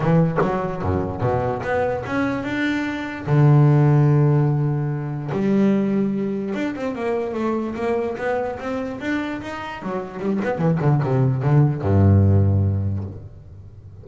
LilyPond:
\new Staff \with { instrumentName = "double bass" } { \time 4/4 \tempo 4 = 147 e4 fis4 fis,4 b,4 | b4 cis'4 d'2 | d1~ | d4 g2. |
d'8 c'8 ais4 a4 ais4 | b4 c'4 d'4 dis'4 | fis4 g8 b8 e8 d8 c4 | d4 g,2. | }